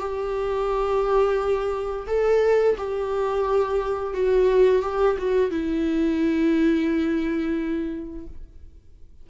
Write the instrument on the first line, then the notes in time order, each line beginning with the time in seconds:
viola
0.00 G4
2.08 A4
2.78 G4
4.14 F#4
4.82 G4
5.18 F#4
5.51 E4